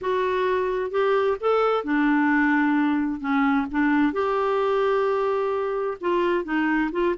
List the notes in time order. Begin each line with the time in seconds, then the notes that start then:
0.01 F#4
0.90 G4
1.40 A4
1.83 D4
3.20 C#4
3.71 D4
4.12 G4
6.01 F4
6.44 D#4
6.92 F4